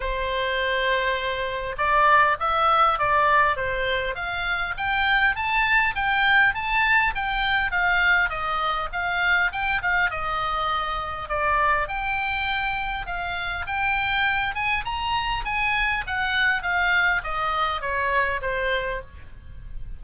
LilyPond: \new Staff \with { instrumentName = "oboe" } { \time 4/4 \tempo 4 = 101 c''2. d''4 | e''4 d''4 c''4 f''4 | g''4 a''4 g''4 a''4 | g''4 f''4 dis''4 f''4 |
g''8 f''8 dis''2 d''4 | g''2 f''4 g''4~ | g''8 gis''8 ais''4 gis''4 fis''4 | f''4 dis''4 cis''4 c''4 | }